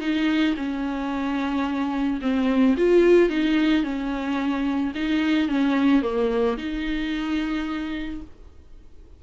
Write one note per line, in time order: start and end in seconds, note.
0.00 0.55 D#4
0.57 2.20 C#4
2.21 2.76 C4
2.77 3.30 F4
3.30 3.84 D#4
3.84 4.93 C#4
4.95 5.49 D#4
5.49 6.02 C#4
6.02 6.57 A#3
6.58 8.21 D#4